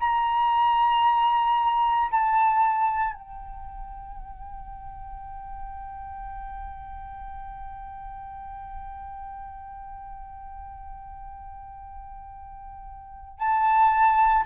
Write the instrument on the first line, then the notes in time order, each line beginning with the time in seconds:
flute
0.00 A#5
2.11 A5
3.14 G5
13.39 A5